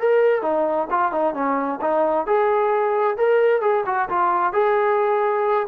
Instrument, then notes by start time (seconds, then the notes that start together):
trombone
0.00 A#4
0.42 D#4
0.91 F4
1.12 D#4
1.34 C#4
1.82 D#4
2.27 G#4
3.17 A#4
3.62 G#4
3.86 F#4
4.10 F4
4.53 G#4